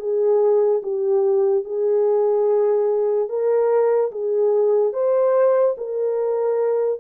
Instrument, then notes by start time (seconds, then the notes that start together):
horn
0.00 G#4
0.83 G4
1.65 G#4
3.30 A#4
4.12 G#4
4.94 C5
5.78 A#4